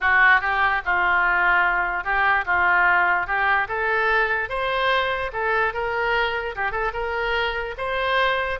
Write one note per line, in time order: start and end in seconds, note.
0.01 0.41 F#4
0.41 0.81 G4
0.85 2.04 F4
2.04 2.45 G4
2.45 3.27 F4
3.27 3.67 G4
3.68 4.49 A4
4.49 5.31 C5
5.32 5.73 A4
5.73 6.55 A#4
6.55 6.71 G4
6.71 6.91 A4
6.93 7.75 A#4
7.77 8.59 C5